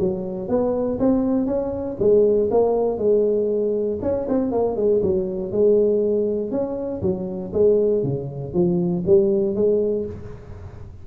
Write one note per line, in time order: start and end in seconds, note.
0.00 0.49 F#3
0.49 0.99 B3
0.99 1.47 C4
1.47 1.97 C#4
2.00 2.50 G#3
2.51 2.98 A#3
2.98 3.99 G#3
4.02 4.27 C#4
4.29 4.52 C4
4.52 4.76 A#3
4.76 5.02 G#3
5.03 5.52 F#3
5.52 6.52 G#3
6.52 7.02 C#4
7.02 7.53 F#3
7.54 8.03 G#3
8.03 8.54 C#3
8.54 9.04 F3
9.07 9.56 G3
9.56 10.06 G#3